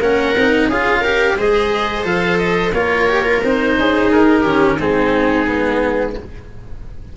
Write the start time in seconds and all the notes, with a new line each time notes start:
0.00 A#3 C#4 A#4 F#5
0.37 C4 D#4
0.68 C#4 F4 G#4 F5
1.01 G4 A#4
1.37 G#3 G#4 C5 D#5
2.04 F3 A4 F5
2.39 D#5
2.73 A#3 F4 A#4 C#5
3.09 G4
3.24 F4
3.44 C4 D#4 C5
3.78 C#4 G#4
4.12 D#4 A#4
4.42 D#3 C#4 G4
4.77 G#3 C4 D#4 G#4
5.47 B3